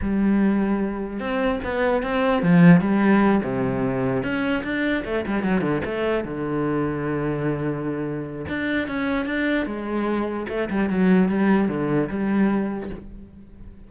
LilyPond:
\new Staff \with { instrumentName = "cello" } { \time 4/4 \tempo 4 = 149 g2. c'4 | b4 c'4 f4 g4~ | g8 c2 cis'4 d'8~ | d'8 a8 g8 fis8 d8 a4 d8~ |
d1~ | d4 d'4 cis'4 d'4 | gis2 a8 g8 fis4 | g4 d4 g2 | }